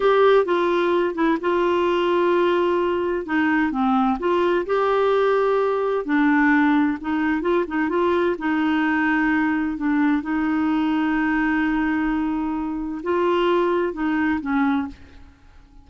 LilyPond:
\new Staff \with { instrumentName = "clarinet" } { \time 4/4 \tempo 4 = 129 g'4 f'4. e'8 f'4~ | f'2. dis'4 | c'4 f'4 g'2~ | g'4 d'2 dis'4 |
f'8 dis'8 f'4 dis'2~ | dis'4 d'4 dis'2~ | dis'1 | f'2 dis'4 cis'4 | }